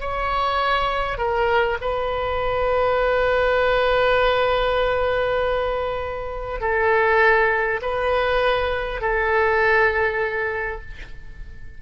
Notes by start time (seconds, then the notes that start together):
0.00 C#5
1.18 A#4
1.81 B4
6.60 A4
7.81 B4
9.01 A4